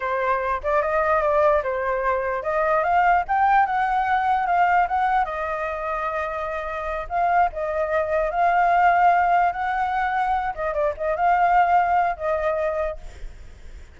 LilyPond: \new Staff \with { instrumentName = "flute" } { \time 4/4 \tempo 4 = 148 c''4. d''8 dis''4 d''4 | c''2 dis''4 f''4 | g''4 fis''2 f''4 | fis''4 dis''2.~ |
dis''4. f''4 dis''4.~ | dis''8 f''2. fis''8~ | fis''2 dis''8 d''8 dis''8 f''8~ | f''2 dis''2 | }